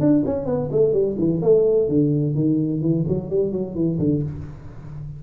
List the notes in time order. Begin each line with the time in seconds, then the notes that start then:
0.00 D4
0.26 C#4
0.46 B3
0.72 A3
0.93 G3
1.18 E3
1.42 A3
1.88 D3
2.35 D#3
2.81 E3
3.08 F#3
3.30 G3
3.52 F#3
3.75 E3
3.99 D3